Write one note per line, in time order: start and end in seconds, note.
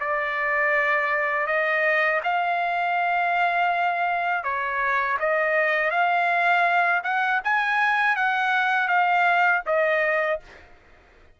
0.00 1.46 D5
1.46 2.21 D#5
2.24 4.43 F5
4.43 5.18 C#5
5.20 5.91 D#5
5.91 7.02 F5
7.04 7.41 F#5
7.44 8.16 G#5
8.16 8.88 F#5
8.88 9.62 F5
9.66 10.40 D#5